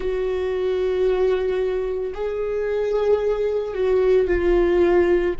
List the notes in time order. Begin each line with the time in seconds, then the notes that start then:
0.00 F#4
2.14 G#4
3.74 F#4
4.27 F4